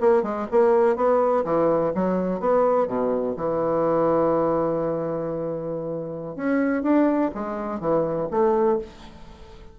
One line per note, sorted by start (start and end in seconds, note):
0.00 0.23 A#3
0.23 0.47 G#3
0.51 0.96 A#3
0.96 1.44 B3
1.44 1.92 E3
1.95 2.40 F#3
2.40 2.87 B3
2.87 3.35 B2
3.36 6.36 E3
6.36 6.83 C#4
6.83 7.31 D4
7.34 7.80 G#3
7.80 8.28 E3
8.31 8.79 A3